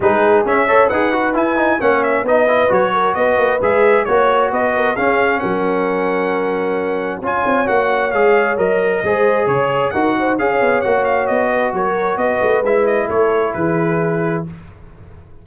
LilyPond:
<<
  \new Staff \with { instrumentName = "trumpet" } { \time 4/4 \tempo 4 = 133 b'4 e''4 fis''4 gis''4 | fis''8 e''8 dis''4 cis''4 dis''4 | e''4 cis''4 dis''4 f''4 | fis''1 |
gis''4 fis''4 f''4 dis''4~ | dis''4 cis''4 fis''4 f''4 | fis''8 f''8 dis''4 cis''4 dis''4 | e''8 dis''8 cis''4 b'2 | }
  \new Staff \with { instrumentName = "horn" } { \time 4/4 gis'4. cis''8 b'2 | cis''4 b'4. ais'8 b'4~ | b'4 cis''4 b'8 ais'8 gis'4 | ais'1 |
cis''1 | c''4 cis''4 ais'8 c''8 cis''4~ | cis''4. b'8 ais'4 b'4~ | b'4 a'4 gis'2 | }
  \new Staff \with { instrumentName = "trombone" } { \time 4/4 dis'4 cis'8 a'8 gis'8 fis'8 e'8 dis'8 | cis'4 dis'8 e'8 fis'2 | gis'4 fis'2 cis'4~ | cis'1 |
f'4 fis'4 gis'4 ais'4 | gis'2 fis'4 gis'4 | fis'1 | e'1 | }
  \new Staff \with { instrumentName = "tuba" } { \time 4/4 gis4 cis'4 dis'4 e'4 | ais4 b4 fis4 b8 ais8 | gis4 ais4 b4 cis'4 | fis1 |
cis'8 c'8 ais4 gis4 fis4 | gis4 cis4 dis'4 cis'8 b8 | ais4 b4 fis4 b8 a8 | gis4 a4 e2 | }
>>